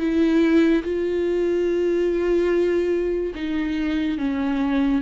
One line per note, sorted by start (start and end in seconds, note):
0.00 0.83 E4
0.83 3.33 F4
3.35 4.19 D#4
4.19 5.02 C#4